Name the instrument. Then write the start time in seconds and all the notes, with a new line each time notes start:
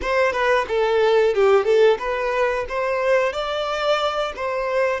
violin
0.02 C5
0.32 B4
0.68 A4
1.34 G4
1.64 A4
1.98 B4
2.68 C5
3.32 D5
4.35 C5